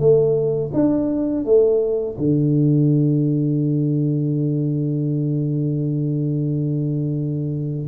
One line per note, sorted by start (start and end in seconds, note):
0.00 0.71 A3
0.74 1.45 D4
1.45 2.17 A3
2.18 7.88 D3